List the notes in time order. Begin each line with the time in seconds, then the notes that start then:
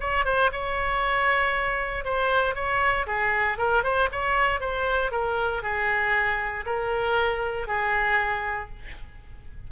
0.00 C#5
0.25 C5
0.52 C#5
2.04 C5
2.55 C#5
3.07 G#4
3.58 A#4
3.83 C5
4.12 C#5
4.60 C5
5.11 A#4
5.62 G#4
6.66 A#4
7.67 G#4